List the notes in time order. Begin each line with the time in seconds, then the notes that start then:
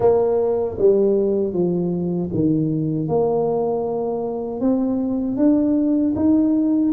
0.00 A#3
0.78 G3
1.53 F3
2.34 D#3
3.08 A#3
4.60 C4
5.37 D4
6.15 D#4